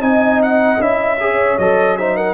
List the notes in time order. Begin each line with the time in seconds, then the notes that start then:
0.00 C4 D#4 D#5 G#5
0.42 F#5
0.78 C#4 E4 E5
1.20 G#4 C#5
1.58 F#3 A4 D#5
1.97 D#4 C5 E5
2.16 A#4 F#5